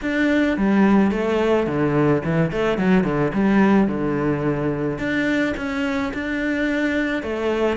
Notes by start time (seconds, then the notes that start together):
0.02 D4
0.57 G3
1.11 A3
1.66 D3
2.24 E3
2.51 A3
2.78 F#3
3.04 D3
3.33 G3
3.87 D3
4.98 D4
5.57 C#4
6.13 D4
7.22 A3